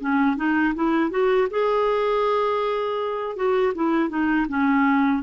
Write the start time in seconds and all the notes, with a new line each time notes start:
0.00 C#4
0.36 D#4
0.75 E4
1.10 F#4
1.50 G#4
3.36 F#4
3.75 E4
4.09 D#4
4.48 C#4